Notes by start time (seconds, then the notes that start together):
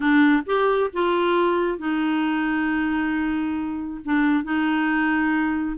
0.00 D4
0.46 G4
0.93 F4
1.78 D#4
4.04 D4
4.44 D#4